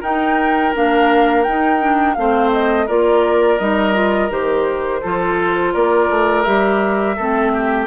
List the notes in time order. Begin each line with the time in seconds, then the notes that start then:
0.00 D#4 A#4 G5
0.74 A#3 D4 F5
1.43 D#4 G5
1.80 D4
2.14 A3 C4 C5 F5
2.52 D#5
2.86 A#3 F4 A#4 D5
3.58 G3 D#4 D#5
3.93 F4
4.30 D#3 G4 C5
5.02 F3 F4 A4
5.73 A#3 A#4 D5
6.09 A3
6.43 G3 G4 E5
7.16 A3 C4 A4
7.53 G4